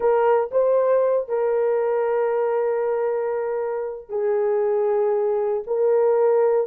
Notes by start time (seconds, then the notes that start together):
0.00 A#4
0.51 C5
1.28 A#4
4.09 G#4
5.66 A#4